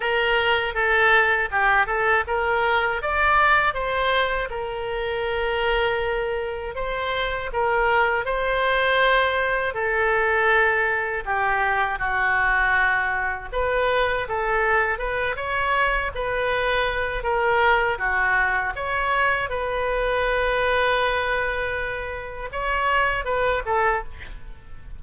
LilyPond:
\new Staff \with { instrumentName = "oboe" } { \time 4/4 \tempo 4 = 80 ais'4 a'4 g'8 a'8 ais'4 | d''4 c''4 ais'2~ | ais'4 c''4 ais'4 c''4~ | c''4 a'2 g'4 |
fis'2 b'4 a'4 | b'8 cis''4 b'4. ais'4 | fis'4 cis''4 b'2~ | b'2 cis''4 b'8 a'8 | }